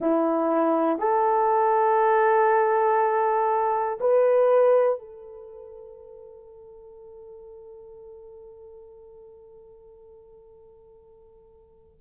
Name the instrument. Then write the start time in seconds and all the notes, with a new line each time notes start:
horn
0.00 E4
0.99 A4
4.00 B4
4.99 A4